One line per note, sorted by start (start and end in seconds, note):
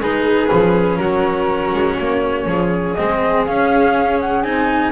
0.00 0.49 G#3
0.00 0.48 D#4
0.00 1.00 G#4
0.00 0.97 B4
0.48 1.00 F3
0.48 2.94 C#4
0.97 1.73 F#3
0.97 2.48 F#4
0.97 1.95 A#4
1.74 1.99 G#3
1.98 2.46 A#3
1.98 2.95 C#5
2.46 2.95 F3
2.46 4.92 G#4
2.95 3.48 G#3
2.95 3.48 C4
2.95 3.44 D#5
3.46 4.44 C#4
3.46 4.20 F5
4.20 4.43 F#5
4.43 4.92 C4
4.43 4.92 D#4
4.43 4.92 G#5